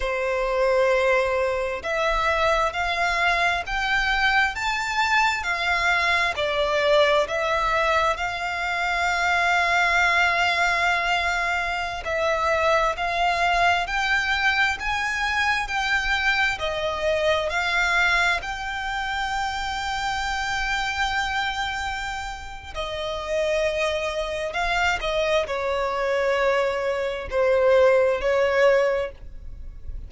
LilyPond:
\new Staff \with { instrumentName = "violin" } { \time 4/4 \tempo 4 = 66 c''2 e''4 f''4 | g''4 a''4 f''4 d''4 | e''4 f''2.~ | f''4~ f''16 e''4 f''4 g''8.~ |
g''16 gis''4 g''4 dis''4 f''8.~ | f''16 g''2.~ g''8.~ | g''4 dis''2 f''8 dis''8 | cis''2 c''4 cis''4 | }